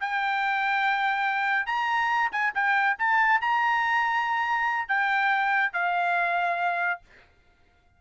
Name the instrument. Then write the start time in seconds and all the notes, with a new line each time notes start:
trumpet
0.00 G5
1.66 A#5
2.32 G#5
2.54 G5
2.98 A5
3.41 A#5
4.88 G5
5.73 F5